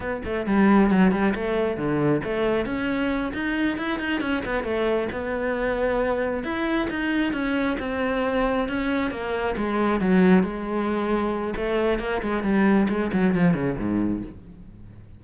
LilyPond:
\new Staff \with { instrumentName = "cello" } { \time 4/4 \tempo 4 = 135 b8 a8 g4 fis8 g8 a4 | d4 a4 cis'4. dis'8~ | dis'8 e'8 dis'8 cis'8 b8 a4 b8~ | b2~ b8 e'4 dis'8~ |
dis'8 cis'4 c'2 cis'8~ | cis'8 ais4 gis4 fis4 gis8~ | gis2 a4 ais8 gis8 | g4 gis8 fis8 f8 cis8 gis,4 | }